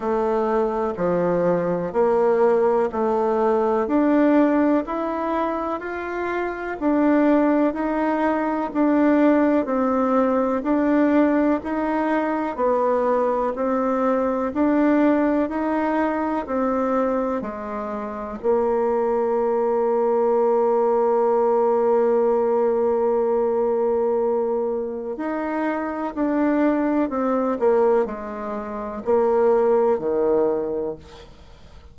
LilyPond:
\new Staff \with { instrumentName = "bassoon" } { \time 4/4 \tempo 4 = 62 a4 f4 ais4 a4 | d'4 e'4 f'4 d'4 | dis'4 d'4 c'4 d'4 | dis'4 b4 c'4 d'4 |
dis'4 c'4 gis4 ais4~ | ais1~ | ais2 dis'4 d'4 | c'8 ais8 gis4 ais4 dis4 | }